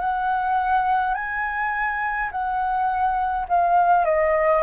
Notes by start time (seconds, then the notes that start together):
0.00 F#5
1.14 G#5
2.31 F#5
3.49 F5
4.05 D#5